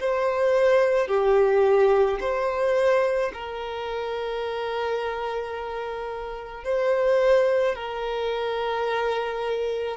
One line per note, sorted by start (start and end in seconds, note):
0.00 1.08 C5
1.08 2.19 G4
2.21 3.32 C5
3.34 6.64 A#4
6.64 7.75 C5
7.75 9.97 A#4